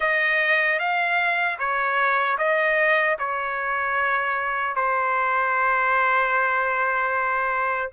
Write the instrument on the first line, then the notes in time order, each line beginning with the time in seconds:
trumpet
0.00 D#5
0.79 F5
1.58 C#5
2.38 D#5
3.19 C#5
4.75 C5